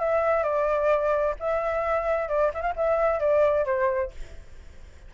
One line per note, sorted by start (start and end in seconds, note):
0.00 0.44 E5
0.44 1.35 D5
1.40 2.29 E5
2.29 2.52 D5
2.54 2.62 E5
2.62 2.74 F5
2.76 3.20 E5
3.20 3.66 D5
3.66 4.12 C5